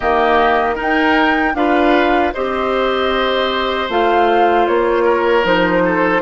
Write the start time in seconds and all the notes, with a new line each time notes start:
0.00 D#3 A#3 G4 D#5
0.75 D#4 A#4
0.81 G5
1.54 D4 F4 B4 F5
2.33 C4 G4 C5 D#5
3.89 A3 F4 F5
4.67 A#3 C#5
5.04 A#4
5.43 F3 D#4 C5
5.84 A4